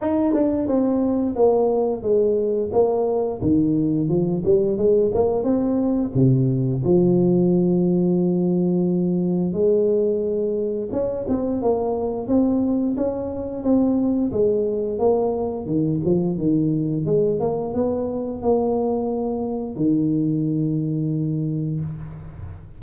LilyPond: \new Staff \with { instrumentName = "tuba" } { \time 4/4 \tempo 4 = 88 dis'8 d'8 c'4 ais4 gis4 | ais4 dis4 f8 g8 gis8 ais8 | c'4 c4 f2~ | f2 gis2 |
cis'8 c'8 ais4 c'4 cis'4 | c'4 gis4 ais4 dis8 f8 | dis4 gis8 ais8 b4 ais4~ | ais4 dis2. | }